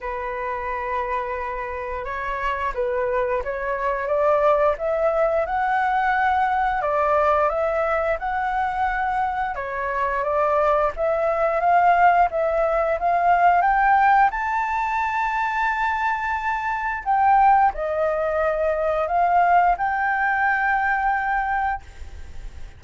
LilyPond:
\new Staff \with { instrumentName = "flute" } { \time 4/4 \tempo 4 = 88 b'2. cis''4 | b'4 cis''4 d''4 e''4 | fis''2 d''4 e''4 | fis''2 cis''4 d''4 |
e''4 f''4 e''4 f''4 | g''4 a''2.~ | a''4 g''4 dis''2 | f''4 g''2. | }